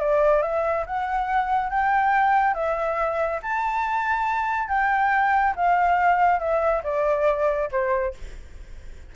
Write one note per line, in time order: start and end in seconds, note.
0.00 0.42 D5
0.42 0.85 E5
0.86 1.70 F#5
1.70 2.55 G5
2.55 3.40 E5
3.42 4.69 A5
4.69 5.54 G5
5.56 6.40 F5
6.40 6.82 E5
6.84 7.69 D5
7.72 8.14 C5